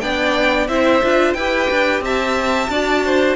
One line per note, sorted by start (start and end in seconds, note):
0.00 0.68 B3
0.00 0.69 D4
0.00 0.69 D5
0.00 0.67 G5
0.68 1.02 C4
0.68 1.03 E4
0.68 1.36 C5
0.68 1.33 E5
1.03 1.35 D4
1.03 1.37 F4
1.33 1.69 E4
1.33 2.71 G4
1.33 2.03 B4
1.33 2.01 G5
1.71 2.01 D4
2.01 2.68 C4
2.01 2.71 E5
2.01 3.36 A5
2.69 3.36 D4
2.69 3.36 F#4
2.69 3.04 D5
3.05 3.36 C5